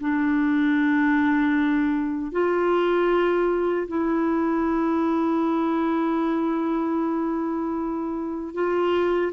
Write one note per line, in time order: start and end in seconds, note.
0.00 2.31 D4
2.31 3.87 F4
3.88 8.54 E4
8.54 9.32 F4